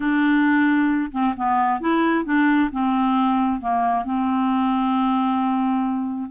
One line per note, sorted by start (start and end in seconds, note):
0.00 1.11 D4
1.11 1.34 C4
1.36 1.80 B3
1.80 2.24 E4
2.24 2.69 D4
2.72 3.60 C4
3.60 4.05 A#3
4.05 6.30 C4